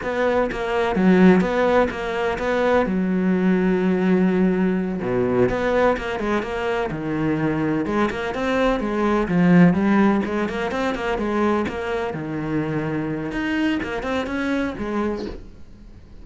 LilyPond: \new Staff \with { instrumentName = "cello" } { \time 4/4 \tempo 4 = 126 b4 ais4 fis4 b4 | ais4 b4 fis2~ | fis2~ fis8 b,4 b8~ | b8 ais8 gis8 ais4 dis4.~ |
dis8 gis8 ais8 c'4 gis4 f8~ | f8 g4 gis8 ais8 c'8 ais8 gis8~ | gis8 ais4 dis2~ dis8 | dis'4 ais8 c'8 cis'4 gis4 | }